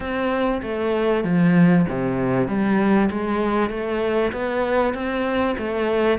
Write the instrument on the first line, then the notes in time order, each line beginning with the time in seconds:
cello
0.00 C4
0.62 A3
1.24 F3
1.88 C3
2.47 G3
3.10 G#3
3.70 A3
4.32 B3
4.94 C4
5.58 A3